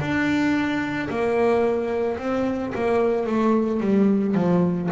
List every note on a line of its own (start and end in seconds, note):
0.00 1.09 D4
1.10 2.18 A#3
2.18 2.73 C4
2.75 3.27 A#3
3.27 3.81 A3
3.81 4.35 G3
4.35 4.89 F3